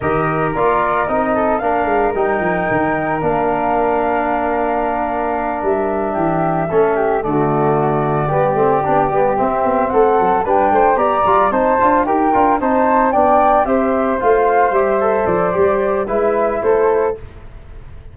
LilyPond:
<<
  \new Staff \with { instrumentName = "flute" } { \time 4/4 \tempo 4 = 112 dis''4 d''4 dis''4 f''4 | g''2 f''2~ | f''2~ f''8 e''4.~ | e''4. d''2~ d''8~ |
d''4. e''4 fis''4 g''8~ | g''8 ais''4 a''4 g''4 a''8~ | a''8 g''4 e''4 f''4 e''8~ | e''8 d''4. e''4 c''4 | }
  \new Staff \with { instrumentName = "flute" } { \time 4/4 ais'2~ ais'8 a'8 ais'4~ | ais'1~ | ais'2.~ ais'8 g'8~ | g'8 a'8 g'8 fis'2 g'8~ |
g'2~ g'8 a'4 b'8 | c''8 d''4 c''4 ais'4 c''8~ | c''8 d''4 c''2~ c''8~ | c''2 b'4 a'4 | }
  \new Staff \with { instrumentName = "trombone" } { \time 4/4 g'4 f'4 dis'4 d'4 | dis'2 d'2~ | d'1~ | d'8 cis'4 a2 b8 |
c'8 d'8 b8 c'2 d'8~ | d'8 g'8 f'8 dis'8 f'8 g'8 f'8 dis'8~ | dis'8 d'4 g'4 f'4 g'8 | a'4 g'4 e'2 | }
  \new Staff \with { instrumentName = "tuba" } { \time 4/4 dis4 ais4 c'4 ais8 gis8 | g8 f8 dis4 ais2~ | ais2~ ais8 g4 e8~ | e8 a4 d2 g8 |
a8 b8 g8 c'8 b8 a8 fis8 g8 | a8 b8 g8 c'8 d'8 dis'8 d'8 c'8~ | c'8 b4 c'4 a4 g8~ | g8 f8 g4 gis4 a4 | }
>>